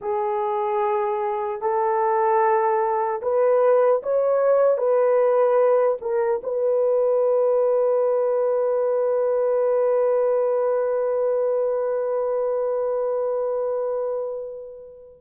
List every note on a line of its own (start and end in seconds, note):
0.01 1.61 G#4
1.61 3.21 A4
3.22 4.02 B4
4.03 4.77 C#5
4.77 5.97 B4
6.01 6.41 A#4
6.43 15.20 B4